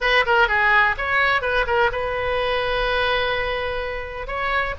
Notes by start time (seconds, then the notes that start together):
0.01 B4
0.26 A#4
0.48 G#4
0.97 C#5
1.41 B4
1.67 A#4
1.92 B4
4.27 C#5